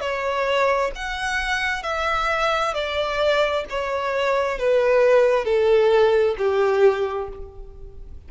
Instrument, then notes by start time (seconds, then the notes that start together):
violin
0.00 C#5
0.95 F#5
1.83 E5
2.74 D5
3.69 C#5
4.58 B4
5.45 A4
6.38 G4